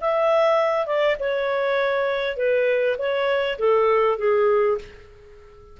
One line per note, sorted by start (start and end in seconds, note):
0.00 0.86 E5
0.86 1.16 D5
1.19 2.36 C#5
2.36 2.96 B4
2.98 3.58 C#5
3.58 4.18 A4
4.18 4.78 G#4